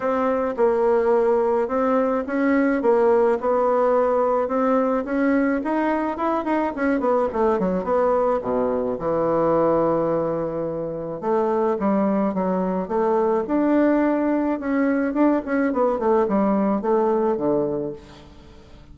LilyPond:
\new Staff \with { instrumentName = "bassoon" } { \time 4/4 \tempo 4 = 107 c'4 ais2 c'4 | cis'4 ais4 b2 | c'4 cis'4 dis'4 e'8 dis'8 | cis'8 b8 a8 fis8 b4 b,4 |
e1 | a4 g4 fis4 a4 | d'2 cis'4 d'8 cis'8 | b8 a8 g4 a4 d4 | }